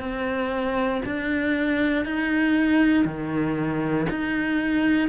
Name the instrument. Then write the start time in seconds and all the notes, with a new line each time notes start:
cello
0.00 C4
1.05 D4
2.05 D#4
3.05 D#3
4.10 D#4